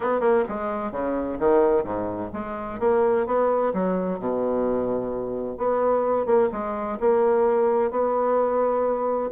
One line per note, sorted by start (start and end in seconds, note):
0.00 0.20 B3
0.20 0.43 A#3
0.48 0.91 G#3
0.91 1.38 C#3
1.39 1.83 D#3
1.83 2.30 G#2
2.33 2.79 G#3
2.79 3.26 A#3
3.26 3.72 B3
3.73 4.19 F#3
4.19 5.57 B2
5.57 6.26 B3
6.26 6.49 A#3
6.51 6.98 G#3
6.99 7.90 A#3
7.90 9.30 B3